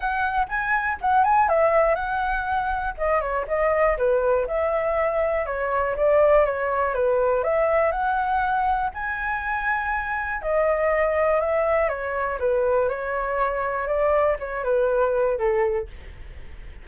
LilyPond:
\new Staff \with { instrumentName = "flute" } { \time 4/4 \tempo 4 = 121 fis''4 gis''4 fis''8 gis''8 e''4 | fis''2 dis''8 cis''8 dis''4 | b'4 e''2 cis''4 | d''4 cis''4 b'4 e''4 |
fis''2 gis''2~ | gis''4 dis''2 e''4 | cis''4 b'4 cis''2 | d''4 cis''8 b'4. a'4 | }